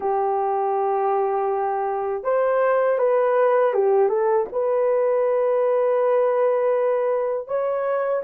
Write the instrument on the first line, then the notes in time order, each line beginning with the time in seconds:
horn
0.00 G4
2.23 C5
2.98 B4
3.73 G4
4.08 A4
4.52 B4
7.47 C#5